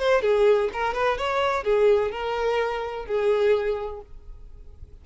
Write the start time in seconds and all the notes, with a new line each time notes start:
0.00 C5
0.23 G#4
0.73 A#4
0.94 B4
1.18 C#5
1.64 G#4
2.12 A#4
3.06 G#4